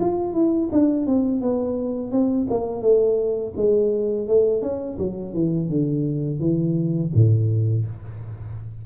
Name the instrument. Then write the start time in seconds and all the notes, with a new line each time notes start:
tuba
0.00 F4
0.34 E4
0.72 D4
1.06 C4
1.42 B3
2.12 C4
2.50 A#3
2.82 A3
3.57 G#3
4.28 A3
4.62 C#4
4.99 F#3
5.34 E3
5.69 D3
6.40 E3
7.15 A2